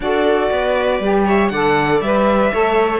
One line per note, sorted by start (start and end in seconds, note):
0.00 0.49 D4
0.00 1.02 F#4
0.00 0.52 A4
0.00 1.26 D5
0.51 0.99 B3
0.51 1.26 B4
0.99 1.49 G3
0.99 1.52 G4
1.26 1.51 C#5
1.26 1.49 E5
1.49 2.00 D3
1.49 2.03 A4
1.49 2.53 D5
1.49 1.99 F#5
2.00 2.51 G3
2.00 2.52 B4
2.00 3.00 E5
2.52 3.00 A3
2.52 3.00 A4
2.52 3.00 C#5